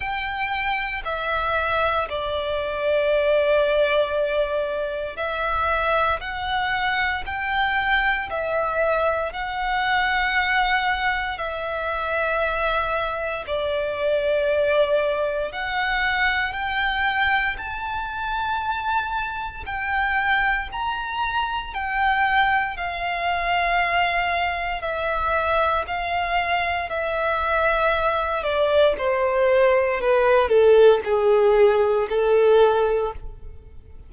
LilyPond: \new Staff \with { instrumentName = "violin" } { \time 4/4 \tempo 4 = 58 g''4 e''4 d''2~ | d''4 e''4 fis''4 g''4 | e''4 fis''2 e''4~ | e''4 d''2 fis''4 |
g''4 a''2 g''4 | ais''4 g''4 f''2 | e''4 f''4 e''4. d''8 | c''4 b'8 a'8 gis'4 a'4 | }